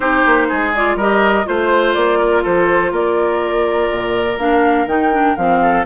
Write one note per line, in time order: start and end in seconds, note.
0.00 0.23 C4
0.00 0.73 D#4
0.00 0.47 G4
0.00 0.72 C5
0.26 0.50 A#3
0.48 0.95 G#3
0.48 0.97 G#4
0.74 1.00 F4
0.74 0.98 D5
0.95 1.44 G3
0.95 1.44 G4
0.95 1.45 A#4
0.95 1.47 D#5
1.44 1.95 A3
1.44 4.37 F4
1.44 1.94 C5
1.44 2.19 C5
1.94 2.44 A#3
1.94 2.42 D5
2.19 2.42 A#4
2.42 2.91 F3
2.42 2.91 A4
2.42 2.93 C5
2.91 3.89 A#3
2.91 5.60 A#4
2.91 4.38 D5
3.91 4.37 A#2
4.37 4.86 A#3
4.37 4.88 D4
4.37 4.87 F5
4.86 5.35 D#3
4.86 5.12 D#4
4.86 5.36 G5
5.12 5.37 D4
5.36 5.85 F3
5.36 5.85 C4
5.36 5.85 F5
5.61 5.85 A4